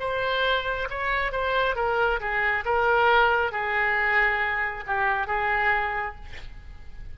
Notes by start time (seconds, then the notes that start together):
0.00 C5
0.90 C#5
1.32 C5
1.76 A#4
2.21 G#4
2.66 A#4
3.52 G#4
4.87 G4
5.27 G#4